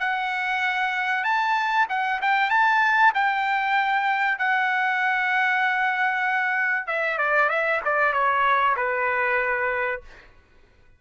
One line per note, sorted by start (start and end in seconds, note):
0.00 1.24 F#5
1.24 1.87 A5
1.90 2.21 F#5
2.22 2.51 G5
2.51 3.13 A5
3.15 4.39 G5
4.39 6.87 F#5
6.87 7.18 E5
7.18 7.49 D5
7.49 7.81 E5
7.85 8.13 D5
8.13 8.76 C#5
8.77 10.02 B4